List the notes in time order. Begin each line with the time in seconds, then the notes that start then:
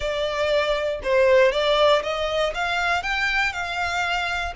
0.00 D5
1.03 C5
1.51 D5
2.02 D#5
2.54 F5
3.03 G5
3.52 F5